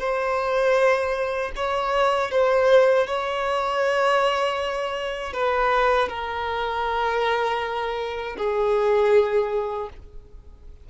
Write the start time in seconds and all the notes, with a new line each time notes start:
0.00 C5
1.56 C#5
2.31 C5
3.08 C#5
5.33 B4
6.09 A#4
8.38 G#4